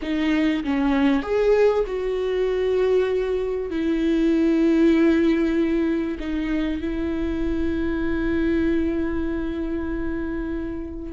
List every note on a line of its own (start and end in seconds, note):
0.01 0.63 D#4
0.64 1.22 C#4
1.22 1.84 G#4
1.86 3.70 F#4
3.70 6.17 E4
6.19 6.81 D#4
6.81 11.12 E4